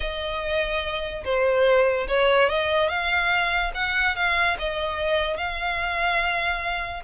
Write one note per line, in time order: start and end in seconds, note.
0.00 1.24 D#5
1.24 2.07 C5
2.08 2.49 C#5
2.49 2.88 D#5
2.88 3.71 F5
3.74 4.15 F#5
4.15 4.56 F5
4.58 5.37 D#5
5.37 7.03 F5